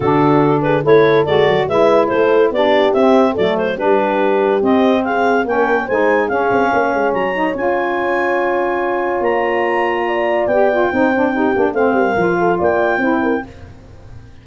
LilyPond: <<
  \new Staff \with { instrumentName = "clarinet" } { \time 4/4 \tempo 4 = 143 a'4. b'8 cis''4 d''4 | e''4 c''4 d''4 e''4 | d''8 c''8 b'2 dis''4 | f''4 g''4 gis''4 f''4~ |
f''4 ais''4 gis''2~ | gis''2 ais''2~ | ais''4 g''2. | f''2 g''2 | }
  \new Staff \with { instrumentName = "horn" } { \time 4/4 fis'4. gis'8 a'2 | b'4 a'4 g'2 | a'4 g'2. | gis'4 ais'4 c''4 gis'4 |
cis''1~ | cis''1 | d''2 c''4 g'4 | c''8 ais'4 a'8 d''4 c''8 ais'8 | }
  \new Staff \with { instrumentName = "saxophone" } { \time 4/4 d'2 e'4 fis'4 | e'2 d'4 c'4 | a4 d'2 c'4~ | c'4 cis'4 dis'4 cis'4~ |
cis'4. dis'8 f'2~ | f'1~ | f'4 g'8 f'8 dis'8 d'8 dis'8 d'8 | c'4 f'2 e'4 | }
  \new Staff \with { instrumentName = "tuba" } { \time 4/4 d2 a4 gis8 fis8 | gis4 a4 b4 c'4 | fis4 g2 c'4~ | c'4 ais4 gis4 cis'8 c'8 |
ais8 gis8 fis4 cis'2~ | cis'2 ais2~ | ais4 b4 c'4. ais8 | a8 g8 f4 ais4 c'4 | }
>>